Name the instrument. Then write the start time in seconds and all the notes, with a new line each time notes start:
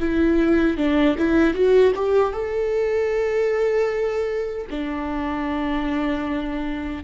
viola
0.00 E4
0.78 D4
1.18 E4
1.54 F#4
1.96 G4
2.33 A4
4.70 D4